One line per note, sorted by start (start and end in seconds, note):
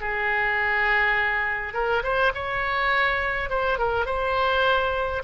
0.00 1.73 G#4
1.73 2.03 A#4
2.03 2.32 C5
2.34 3.49 C#5
3.49 3.78 C5
3.78 4.06 A#4
4.06 5.22 C5